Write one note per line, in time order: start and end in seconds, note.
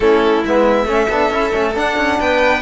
0.00 0.44 A3
0.00 0.44 C#4
0.00 0.86 E4
0.00 0.44 A4
0.45 0.85 G#3
0.45 0.87 B3
0.45 1.76 E5
0.85 1.07 A3
0.85 1.08 C#4
0.85 2.17 A4
1.09 1.30 B3
1.09 1.32 D4
1.30 1.51 C#4
1.30 1.52 E4
1.52 1.76 A3
1.52 1.74 C#4
1.75 2.62 D4
1.75 1.97 D4
1.75 2.20 F#5
1.97 2.19 C#4
2.19 2.62 B3
2.19 2.62 B4
2.19 2.62 G5